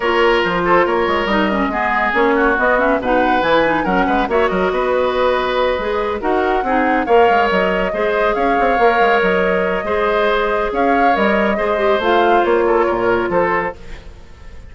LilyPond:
<<
  \new Staff \with { instrumentName = "flute" } { \time 4/4 \tempo 4 = 140 cis''4 c''4 cis''4 dis''4~ | dis''4 cis''4 dis''8 e''8 fis''4 | gis''4 fis''4 e''8 dis''4.~ | dis''2~ dis''8 fis''4.~ |
fis''8 f''4 dis''2 f''8~ | f''4. dis''2~ dis''8~ | dis''4 f''4 dis''2 | f''4 cis''2 c''4 | }
  \new Staff \with { instrumentName = "oboe" } { \time 4/4 ais'4. a'8 ais'2 | gis'4. fis'4. b'4~ | b'4 ais'8 b'8 cis''8 ais'8 b'4~ | b'2~ b'8 ais'4 gis'8~ |
gis'8 cis''2 c''4 cis''8~ | cis''2. c''4~ | c''4 cis''2 c''4~ | c''4. a'8 ais'4 a'4 | }
  \new Staff \with { instrumentName = "clarinet" } { \time 4/4 f'2. dis'8 cis'8 | b4 cis'4 b8 cis'8 dis'4 | e'8 dis'8 cis'4 fis'2~ | fis'4. gis'4 fis'4 dis'8~ |
dis'8 ais'2 gis'4.~ | gis'8 ais'2~ ais'8 gis'4~ | gis'2 ais'4 gis'8 g'8 | f'1 | }
  \new Staff \with { instrumentName = "bassoon" } { \time 4/4 ais4 f4 ais8 gis8 g4 | gis4 ais4 b4 b,4 | e4 fis8 gis8 ais8 fis8 b4~ | b4. gis4 dis'4 c'8~ |
c'8 ais8 gis8 fis4 gis4 cis'8 | c'8 ais8 gis8 fis4. gis4~ | gis4 cis'4 g4 gis4 | a4 ais4 ais,4 f4 | }
>>